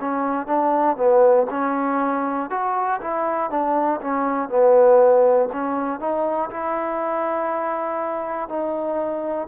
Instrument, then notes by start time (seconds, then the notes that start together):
trombone
0.00 C#4
0.46 D4
0.96 B3
1.50 C#4
2.50 F#4
3.00 E4
3.50 D4
4.01 C#4
4.49 B3
5.52 C#4
6.00 D#4
6.50 E4
8.48 D#4